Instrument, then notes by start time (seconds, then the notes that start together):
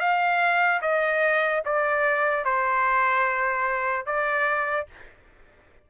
trumpet
0.00 F5
0.82 D#5
1.65 D5
2.45 C5
4.06 D5